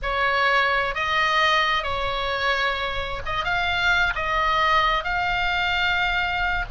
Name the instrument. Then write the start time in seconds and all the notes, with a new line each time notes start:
oboe
0.02 C#5
0.94 D#5
1.83 C#5
3.25 D#5
3.44 F5
4.15 D#5
5.03 F5